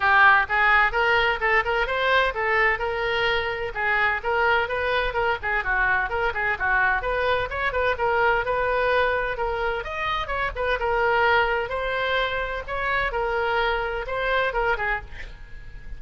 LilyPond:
\new Staff \with { instrumentName = "oboe" } { \time 4/4 \tempo 4 = 128 g'4 gis'4 ais'4 a'8 ais'8 | c''4 a'4 ais'2 | gis'4 ais'4 b'4 ais'8 gis'8 | fis'4 ais'8 gis'8 fis'4 b'4 |
cis''8 b'8 ais'4 b'2 | ais'4 dis''4 cis''8 b'8 ais'4~ | ais'4 c''2 cis''4 | ais'2 c''4 ais'8 gis'8 | }